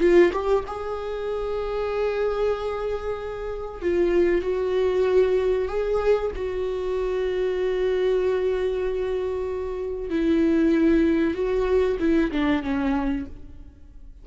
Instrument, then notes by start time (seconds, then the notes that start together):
viola
0.00 F4
0.33 G4
0.67 G#4
3.82 F4
4.42 F#4
5.68 G#4
6.35 F#4
10.10 E4
11.34 F#4
12.00 E4
12.32 D4
12.63 C#4